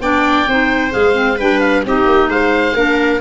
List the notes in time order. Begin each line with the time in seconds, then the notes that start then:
0.00 B3 D4 D5 G5
0.48 C4 D#4 C5
0.91 G#3 G#4 F5
1.12 C4
1.37 G3 D4 B4 G5
1.60 F5
1.85 C4 D#4 G4 D#5
2.06 A#3
2.28 G#3 C5 F5
2.73 A#3 D4 A#4